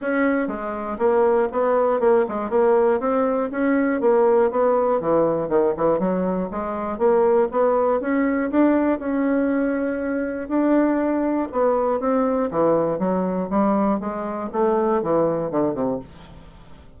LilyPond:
\new Staff \with { instrumentName = "bassoon" } { \time 4/4 \tempo 4 = 120 cis'4 gis4 ais4 b4 | ais8 gis8 ais4 c'4 cis'4 | ais4 b4 e4 dis8 e8 | fis4 gis4 ais4 b4 |
cis'4 d'4 cis'2~ | cis'4 d'2 b4 | c'4 e4 fis4 g4 | gis4 a4 e4 d8 c8 | }